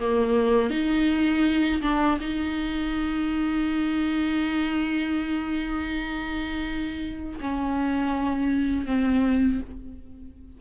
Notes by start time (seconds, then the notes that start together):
0.00 A#3
0.70 D#4
1.82 D4
2.21 D#4
7.41 C#4
8.86 C4